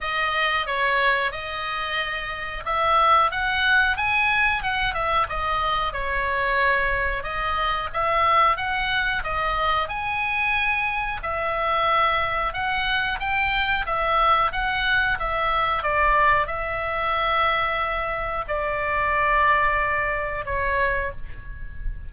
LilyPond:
\new Staff \with { instrumentName = "oboe" } { \time 4/4 \tempo 4 = 91 dis''4 cis''4 dis''2 | e''4 fis''4 gis''4 fis''8 e''8 | dis''4 cis''2 dis''4 | e''4 fis''4 dis''4 gis''4~ |
gis''4 e''2 fis''4 | g''4 e''4 fis''4 e''4 | d''4 e''2. | d''2. cis''4 | }